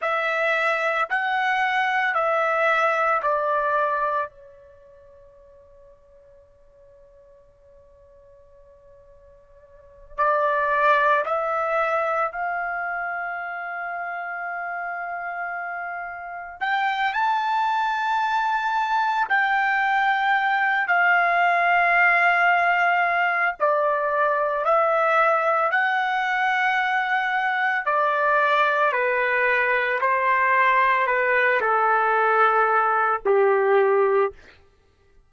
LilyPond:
\new Staff \with { instrumentName = "trumpet" } { \time 4/4 \tempo 4 = 56 e''4 fis''4 e''4 d''4 | cis''1~ | cis''4. d''4 e''4 f''8~ | f''2.~ f''8 g''8 |
a''2 g''4. f''8~ | f''2 d''4 e''4 | fis''2 d''4 b'4 | c''4 b'8 a'4. g'4 | }